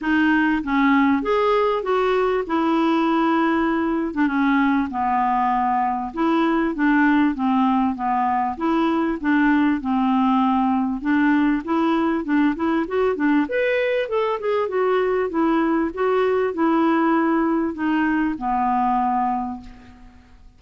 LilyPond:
\new Staff \with { instrumentName = "clarinet" } { \time 4/4 \tempo 4 = 98 dis'4 cis'4 gis'4 fis'4 | e'2~ e'8. d'16 cis'4 | b2 e'4 d'4 | c'4 b4 e'4 d'4 |
c'2 d'4 e'4 | d'8 e'8 fis'8 d'8 b'4 a'8 gis'8 | fis'4 e'4 fis'4 e'4~ | e'4 dis'4 b2 | }